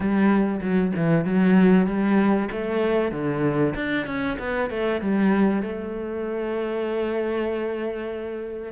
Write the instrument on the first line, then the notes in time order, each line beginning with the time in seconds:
cello
0.00 G3
0.61 F#3
0.95 E3
1.24 F#3
1.86 G3
2.51 A3
3.11 D3
3.75 D4
4.06 C#4
4.38 B3
4.70 A3
5.01 G3
5.62 A3